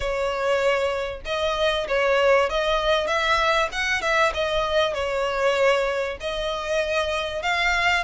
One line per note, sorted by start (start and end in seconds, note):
0.00 1.21 C#5
1.25 1.87 D#5
1.88 2.49 C#5
2.49 3.07 D#5
3.07 3.69 E5
3.72 4.01 F#5
4.01 4.32 E5
4.34 4.94 D#5
4.94 6.17 C#5
6.20 7.42 D#5
7.42 8.04 F5